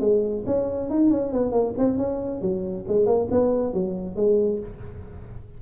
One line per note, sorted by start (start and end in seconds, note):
0.00 0.44 G#3
0.46 0.89 C#4
0.89 1.10 D#4
1.10 1.32 C#4
1.32 1.51 B3
1.51 1.73 A#3
1.78 1.97 C4
1.97 2.41 C#4
2.41 2.85 F#3
2.87 3.06 G#3
3.06 3.28 A#3
3.30 3.73 B3
3.73 4.15 F#3
4.15 4.59 G#3